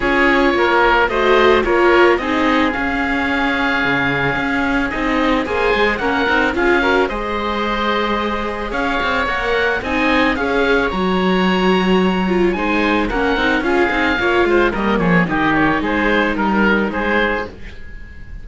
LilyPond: <<
  \new Staff \with { instrumentName = "oboe" } { \time 4/4 \tempo 4 = 110 cis''2 dis''4 cis''4 | dis''4 f''2.~ | f''4 dis''4 gis''4 fis''4 | f''4 dis''2. |
f''4 fis''4 gis''4 f''4 | ais''2. gis''4 | fis''4 f''2 dis''8 cis''8 | dis''8 cis''8 c''4 ais'4 c''4 | }
  \new Staff \with { instrumentName = "oboe" } { \time 4/4 gis'4 ais'4 c''4 ais'4 | gis'1~ | gis'2 c''4 ais'4 | gis'8 ais'8 c''2. |
cis''2 dis''4 cis''4~ | cis''2. c''4 | ais'4 gis'4 cis''8 c''8 ais'8 gis'8 | g'4 gis'4 ais'4 gis'4 | }
  \new Staff \with { instrumentName = "viola" } { \time 4/4 f'2 fis'4 f'4 | dis'4 cis'2.~ | cis'4 dis'4 gis'4 cis'8 dis'8 | f'8 fis'8 gis'2.~ |
gis'4 ais'4 dis'4 gis'4 | fis'2~ fis'8 f'8 dis'4 | cis'8 dis'8 f'8 dis'8 f'4 ais4 | dis'1 | }
  \new Staff \with { instrumentName = "cello" } { \time 4/4 cis'4 ais4 a4 ais4 | c'4 cis'2 cis4 | cis'4 c'4 ais8 gis8 ais8 c'8 | cis'4 gis2. |
cis'8 c'8 ais4 c'4 cis'4 | fis2. gis4 | ais8 c'8 cis'8 c'8 ais8 gis8 g8 f8 | dis4 gis4 g4 gis4 | }
>>